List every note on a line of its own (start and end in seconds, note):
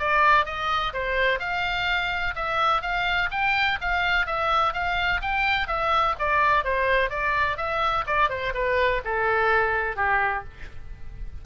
0.00 0.46 D5
0.46 0.93 D#5
0.94 1.40 C5
1.40 2.35 F5
2.36 2.82 E5
2.82 3.30 F5
3.31 3.79 G5
3.81 4.27 F5
4.27 4.74 E5
4.74 5.21 F5
5.22 5.68 G5
5.68 6.16 E5
6.19 6.65 D5
6.65 7.10 C5
7.10 7.58 D5
7.58 8.05 E5
8.07 8.30 D5
8.30 8.54 C5
8.55 9.02 B4
9.05 9.97 A4
9.97 10.44 G4